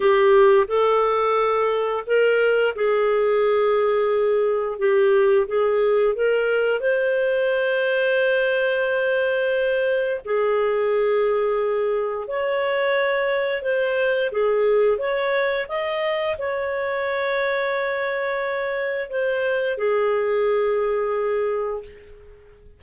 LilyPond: \new Staff \with { instrumentName = "clarinet" } { \time 4/4 \tempo 4 = 88 g'4 a'2 ais'4 | gis'2. g'4 | gis'4 ais'4 c''2~ | c''2. gis'4~ |
gis'2 cis''2 | c''4 gis'4 cis''4 dis''4 | cis''1 | c''4 gis'2. | }